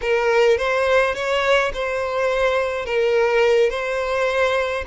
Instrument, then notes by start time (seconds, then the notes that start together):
violin
0.01 A#4
0.57 C5
1.15 C#5
1.73 C5
2.85 A#4
3.70 C5